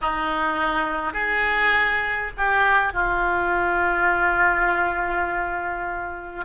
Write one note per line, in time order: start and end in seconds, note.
0.01 1.13 D#4
1.13 2.31 G#4
2.37 2.93 G4
2.93 6.45 F4